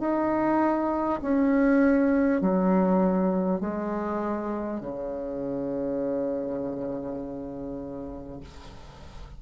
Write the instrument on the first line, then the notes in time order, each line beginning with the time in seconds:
bassoon
0.00 D#4
1.22 C#4
2.42 F#3
3.61 G#3
4.81 C#3